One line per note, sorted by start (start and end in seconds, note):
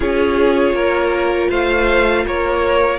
0.00 0.72 C#4
0.00 2.99 F4
0.00 0.75 G#4
0.00 1.50 C#5
0.72 1.47 A#3
0.72 1.49 A#4
1.49 2.25 A3
1.49 2.24 C5
1.49 2.25 F5
2.25 2.99 A#3
2.25 2.99 A#4
2.25 2.99 C#5